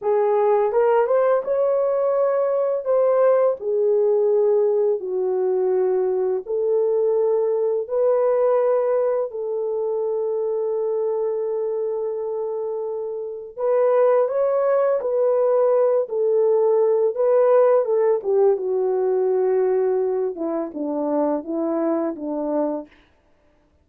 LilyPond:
\new Staff \with { instrumentName = "horn" } { \time 4/4 \tempo 4 = 84 gis'4 ais'8 c''8 cis''2 | c''4 gis'2 fis'4~ | fis'4 a'2 b'4~ | b'4 a'2.~ |
a'2. b'4 | cis''4 b'4. a'4. | b'4 a'8 g'8 fis'2~ | fis'8 e'8 d'4 e'4 d'4 | }